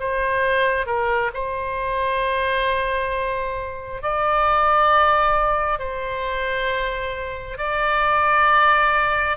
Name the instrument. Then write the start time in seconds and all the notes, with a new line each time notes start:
oboe
0.00 C5
0.86 A#4
1.34 C5
4.02 D5
5.79 C5
7.58 D5